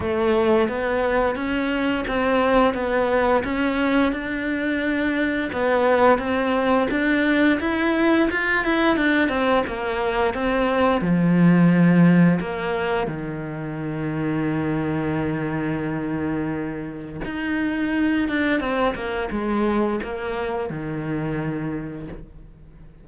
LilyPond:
\new Staff \with { instrumentName = "cello" } { \time 4/4 \tempo 4 = 87 a4 b4 cis'4 c'4 | b4 cis'4 d'2 | b4 c'4 d'4 e'4 | f'8 e'8 d'8 c'8 ais4 c'4 |
f2 ais4 dis4~ | dis1~ | dis4 dis'4. d'8 c'8 ais8 | gis4 ais4 dis2 | }